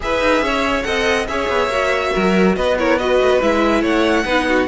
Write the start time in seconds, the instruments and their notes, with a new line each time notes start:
0.00 cello E4, viola G#4, violin B4 E5
0.20 cello D#4
0.41 cello C#4, violin C#5
0.83 cello C4, viola A4, violin D#5 F#5
1.27 cello C#4, viola G#4, violin C#5 E5
1.49 cello B3
1.67 cello A#3, viola F#4
2.13 cello F#3, violin A#4
2.55 cello B3, violin B4 D#5
2.77 viola E4, violin A#4 C#5
2.98 viola F#4, violin B4 D#5
3.21 cello A3
3.30 cello B3
3.41 cello G#3, viola E4, violin E5
3.81 cello A3, violin C#5 F#5
4.24 cello B3, viola D#4, violin B4
4.48 violin F#4